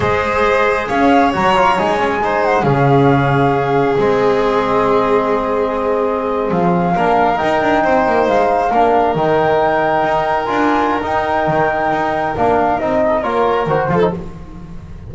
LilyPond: <<
  \new Staff \with { instrumentName = "flute" } { \time 4/4 \tempo 4 = 136 dis''2 f''4 ais''4 | gis''4. fis''8 f''2~ | f''4 dis''2.~ | dis''2~ dis''8. f''4~ f''16~ |
f''8. g''2 f''4~ f''16~ | f''8. g''2. gis''16~ | gis''4 g''2. | f''4 dis''4 cis''4 c''4 | }
  \new Staff \with { instrumentName = "violin" } { \time 4/4 c''2 cis''2~ | cis''4 c''4 gis'2~ | gis'1~ | gis'2.~ gis'8. ais'16~ |
ais'4.~ ais'16 c''2 ais'16~ | ais'1~ | ais'1~ | ais'4. a'8 ais'4. a'8 | }
  \new Staff \with { instrumentName = "trombone" } { \time 4/4 gis'2. fis'8 f'8 | dis'8 cis'8 dis'4 cis'2~ | cis'4 c'2.~ | c'2.~ c'8. d'16~ |
d'8. dis'2. d'16~ | d'8. dis'2. f'16~ | f'4 dis'2. | d'4 dis'4 f'4 fis'8 f'16 dis'16 | }
  \new Staff \with { instrumentName = "double bass" } { \time 4/4 gis2 cis'4 fis4 | gis2 cis2~ | cis4 gis2.~ | gis2~ gis8. f4 ais16~ |
ais8. dis'8 d'8 c'8 ais8 gis4 ais16~ | ais8. dis2 dis'4 d'16~ | d'4 dis'4 dis4 dis'4 | ais4 c'4 ais4 dis8 f8 | }
>>